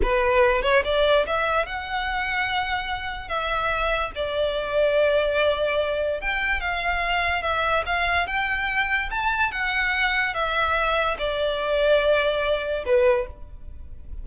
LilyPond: \new Staff \with { instrumentName = "violin" } { \time 4/4 \tempo 4 = 145 b'4. cis''8 d''4 e''4 | fis''1 | e''2 d''2~ | d''2. g''4 |
f''2 e''4 f''4 | g''2 a''4 fis''4~ | fis''4 e''2 d''4~ | d''2. b'4 | }